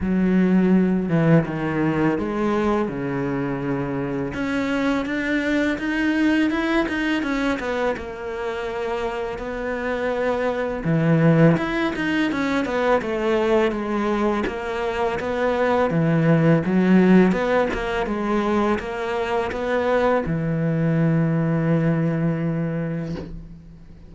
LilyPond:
\new Staff \with { instrumentName = "cello" } { \time 4/4 \tempo 4 = 83 fis4. e8 dis4 gis4 | cis2 cis'4 d'4 | dis'4 e'8 dis'8 cis'8 b8 ais4~ | ais4 b2 e4 |
e'8 dis'8 cis'8 b8 a4 gis4 | ais4 b4 e4 fis4 | b8 ais8 gis4 ais4 b4 | e1 | }